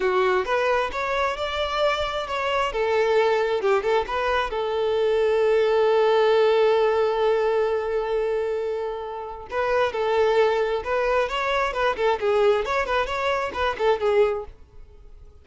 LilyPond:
\new Staff \with { instrumentName = "violin" } { \time 4/4 \tempo 4 = 133 fis'4 b'4 cis''4 d''4~ | d''4 cis''4 a'2 | g'8 a'8 b'4 a'2~ | a'1~ |
a'1~ | a'4 b'4 a'2 | b'4 cis''4 b'8 a'8 gis'4 | cis''8 b'8 cis''4 b'8 a'8 gis'4 | }